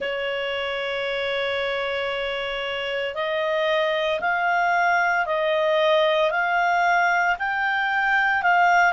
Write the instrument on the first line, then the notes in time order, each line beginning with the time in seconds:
clarinet
0.00 C#5
3.14 D#5
4.20 F5
5.26 D#5
6.30 F5
7.39 G5
8.42 F5